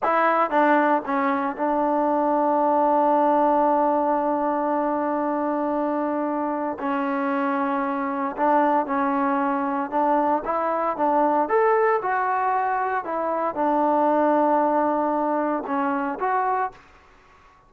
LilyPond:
\new Staff \with { instrumentName = "trombone" } { \time 4/4 \tempo 4 = 115 e'4 d'4 cis'4 d'4~ | d'1~ | d'1~ | d'4 cis'2. |
d'4 cis'2 d'4 | e'4 d'4 a'4 fis'4~ | fis'4 e'4 d'2~ | d'2 cis'4 fis'4 | }